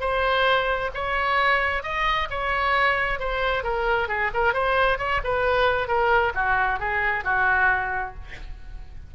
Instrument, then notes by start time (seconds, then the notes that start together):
oboe
0.00 C5
0.94 C#5
1.83 D#5
2.30 C#5
3.19 C5
3.63 A#4
4.08 G#4
4.34 A#4
4.53 C5
4.98 C#5
5.23 B4
5.87 A#4
6.34 F#4
6.79 G#4
7.24 F#4